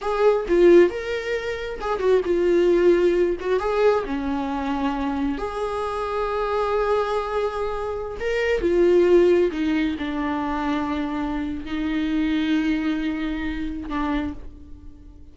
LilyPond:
\new Staff \with { instrumentName = "viola" } { \time 4/4 \tempo 4 = 134 gis'4 f'4 ais'2 | gis'8 fis'8 f'2~ f'8 fis'8 | gis'4 cis'2. | gis'1~ |
gis'2~ gis'16 ais'4 f'8.~ | f'4~ f'16 dis'4 d'4.~ d'16~ | d'2 dis'2~ | dis'2. d'4 | }